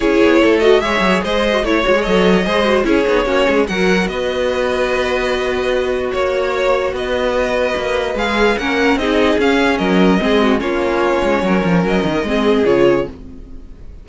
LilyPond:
<<
  \new Staff \with { instrumentName = "violin" } { \time 4/4 \tempo 4 = 147 cis''4. dis''8 e''4 dis''4 | cis''4 dis''2 cis''4~ | cis''4 fis''4 dis''2~ | dis''2. cis''4~ |
cis''4 dis''2. | f''4 fis''4 dis''4 f''4 | dis''2 cis''2~ | cis''4 dis''2 cis''4 | }
  \new Staff \with { instrumentName = "violin" } { \time 4/4 gis'4 a'4 cis''4 c''4 | cis''2 c''4 gis'4 | fis'8 gis'8 ais'4 b'2~ | b'2. cis''4~ |
cis''4 b'2.~ | b'4 ais'4 gis'2 | ais'4 gis'8 fis'8 f'2 | ais'2 gis'2 | }
  \new Staff \with { instrumentName = "viola" } { \time 4/4 e'4. fis'8 gis'4.~ gis'16 fis'16 | e'8 fis'16 gis'16 a'4 gis'8 fis'8 e'8 dis'8 | cis'4 fis'2.~ | fis'1~ |
fis'1 | gis'4 cis'4 dis'4 cis'4~ | cis'4 c'4 cis'2~ | cis'2 c'4 f'4 | }
  \new Staff \with { instrumentName = "cello" } { \time 4/4 cis'8 b8 a4 gis8 fis8 gis4 | a8 gis8 fis4 gis4 cis'8 b8 | ais8 gis8 fis4 b2~ | b2. ais4~ |
ais4 b2 ais4 | gis4 ais4 c'4 cis'4 | fis4 gis4 ais4. gis8 | fis8 f8 fis8 dis8 gis4 cis4 | }
>>